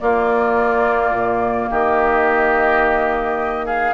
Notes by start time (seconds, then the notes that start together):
0.00 A#3 F4 D5
1.11 A#2
1.70 D#3 G4 D#5
3.66 G#4 F5